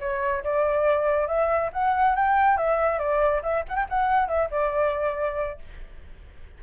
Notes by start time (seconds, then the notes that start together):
0.00 C#5
0.44 D5
1.28 E5
1.73 F#5
2.16 G5
2.57 E5
2.99 D5
3.43 E5
3.69 F#5
3.76 G5
3.89 F#5
4.28 E5
4.51 D5